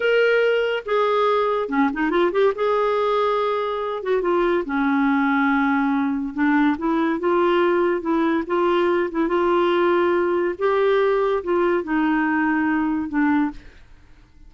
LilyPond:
\new Staff \with { instrumentName = "clarinet" } { \time 4/4 \tempo 4 = 142 ais'2 gis'2 | cis'8 dis'8 f'8 g'8 gis'2~ | gis'4. fis'8 f'4 cis'4~ | cis'2. d'4 |
e'4 f'2 e'4 | f'4. e'8 f'2~ | f'4 g'2 f'4 | dis'2. d'4 | }